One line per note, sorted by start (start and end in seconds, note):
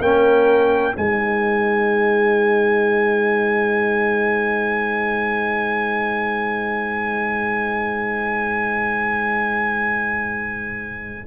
0.00 0.94 A#3
0.00 0.94 C#4
0.00 0.95 A#4
0.00 0.95 G5
0.94 11.26 G#3
0.94 11.25 D#4
0.94 11.26 C5
0.94 11.26 G#5